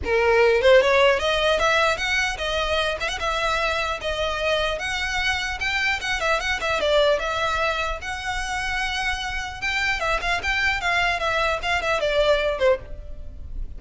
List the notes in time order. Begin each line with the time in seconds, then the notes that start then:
0.04 A#4
0.61 C5
0.81 C#5
1.19 D#5
1.59 E5
1.97 F#5
2.37 D#5
3.00 E5
3.08 F#5
3.19 E5
4.01 D#5
4.78 F#5
5.59 G5
6.00 F#5
6.20 E5
6.40 F#5
6.61 E5
6.80 D5
7.19 E5
8.01 F#5
9.61 G5
9.99 E5
10.21 F5
10.43 G5
10.80 F5
11.19 E5
11.62 F5
11.82 E5
12.00 D5
12.59 C5